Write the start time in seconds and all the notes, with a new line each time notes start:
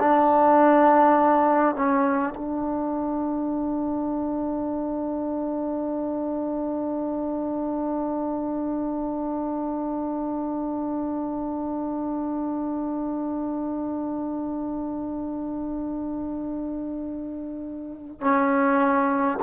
0.00 D4
1.76 C#4
2.36 D4
18.21 C#4